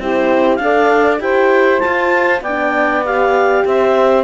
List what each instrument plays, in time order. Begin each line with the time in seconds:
0.00 cello C4, horn E4, saxophone G4, clarinet C5
0.56 cello D4, horn A4, saxophone D5, clarinet F5
1.20 cello E4, horn G4, saxophone C5, clarinet G5
1.80 horn F4, cello F4, clarinet A5
2.42 cello B3, saxophone D5, clarinet G5
2.48 horn D4
3.06 horn G4, clarinet F5
3.65 cello C4, saxophone C5, clarinet E5